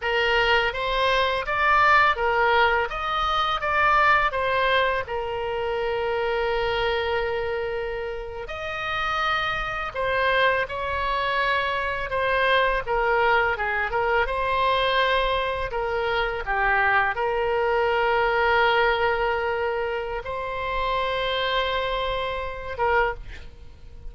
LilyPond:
\new Staff \with { instrumentName = "oboe" } { \time 4/4 \tempo 4 = 83 ais'4 c''4 d''4 ais'4 | dis''4 d''4 c''4 ais'4~ | ais'2.~ ais'8. dis''16~ | dis''4.~ dis''16 c''4 cis''4~ cis''16~ |
cis''8. c''4 ais'4 gis'8 ais'8 c''16~ | c''4.~ c''16 ais'4 g'4 ais'16~ | ais'1 | c''2.~ c''8 ais'8 | }